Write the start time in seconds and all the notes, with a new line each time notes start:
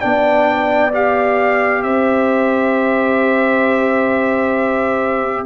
0.00 B3 D4 D5 G5
0.93 G4 F5
1.82 C4 C5 E5